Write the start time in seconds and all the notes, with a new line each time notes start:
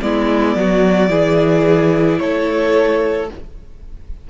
0.00 G#3 B3 E4 D5
0.55 F#3 F#4
1.09 E3 E4 G#4
2.18 A3 A4 C#5